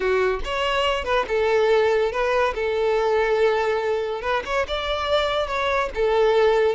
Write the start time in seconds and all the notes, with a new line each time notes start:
0.00 F#4
0.44 C#5
1.04 B4
1.28 A4
2.11 B4
2.54 A4
4.21 B4
4.45 C#5
4.67 D5
5.47 C#5
5.94 A4